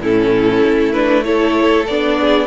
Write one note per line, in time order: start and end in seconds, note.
0.00 0.62 A2
0.00 0.94 C#4
0.00 1.25 E4
0.00 0.92 A4
0.66 1.89 A3
0.92 1.24 D4
0.92 1.23 B4
1.24 1.86 E4
1.24 2.19 A4
1.24 1.86 C#5
1.87 2.47 B3
1.87 2.47 D4
1.87 2.47 D5
2.20 2.47 G#4